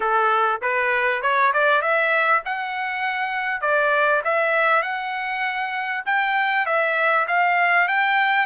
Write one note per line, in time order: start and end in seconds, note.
0.00 0.61 A4
0.61 1.22 B4
1.22 1.52 C#5
1.53 1.81 D5
1.81 2.42 E5
2.45 3.61 F#5
3.61 4.21 D5
4.24 4.82 E5
4.82 6.03 F#5
6.05 6.66 G5
6.66 7.26 E5
7.27 7.88 F5
7.88 8.46 G5